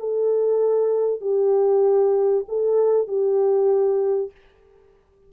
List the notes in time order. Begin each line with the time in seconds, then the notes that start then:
0.00 A4
1.21 G4
2.49 A4
3.08 G4